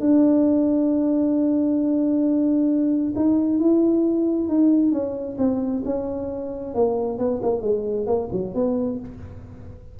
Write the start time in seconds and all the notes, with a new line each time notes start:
0.00 D4
3.15 D#4
3.59 E4
4.48 D#4
4.92 C#4
5.38 C4
5.85 C#4
6.74 A#3
7.18 B3
7.42 A#3
7.62 G#3
8.06 A#3
8.32 F#3
8.54 B3